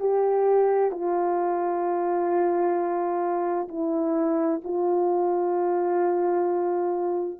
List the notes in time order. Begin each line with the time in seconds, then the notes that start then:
0.00 G4
0.91 F4
3.69 E4
4.64 F4